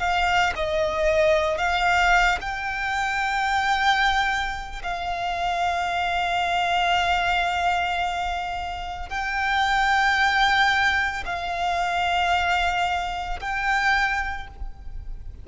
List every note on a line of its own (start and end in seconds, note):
0.00 0.54 F5
0.56 1.58 D#5
1.58 2.39 F5
2.42 4.83 G5
4.84 9.10 F5
9.10 11.24 G5
11.26 13.40 F5
13.41 14.48 G5